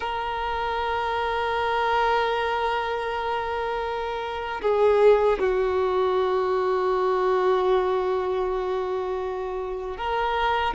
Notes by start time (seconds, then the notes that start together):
0.00 A#4
4.62 G#4
5.39 F#4
9.96 A#4